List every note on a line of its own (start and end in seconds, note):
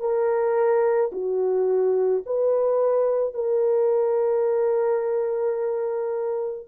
0.00 1.11 A#4
1.12 2.23 F#4
2.26 3.34 B4
3.34 6.68 A#4